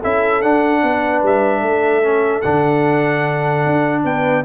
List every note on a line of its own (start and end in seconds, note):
0.00 0.44 C#4
0.00 0.43 E4
0.00 0.81 A4
0.00 0.42 E5
0.42 2.03 D4
0.42 0.84 D4
0.42 1.23 F#5
0.84 1.23 B3
0.84 1.61 B4
1.23 1.62 G3
1.23 2.42 E5
1.61 2.43 A3
1.61 4.03 A4
2.03 2.43 C#4
2.42 3.66 D3
2.42 4.45 D4
2.42 4.03 F#5
3.66 4.05 D4
4.05 4.45 B3
4.05 4.45 B4
4.05 4.45 G5